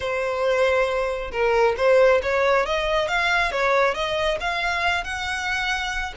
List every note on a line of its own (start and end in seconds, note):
0.00 1.31 C5
1.31 1.75 A#4
1.77 2.21 C5
2.22 2.65 C#5
2.65 3.08 D#5
3.08 3.51 F5
3.51 3.94 C#5
3.94 4.38 D#5
4.40 5.04 F5
5.04 6.13 F#5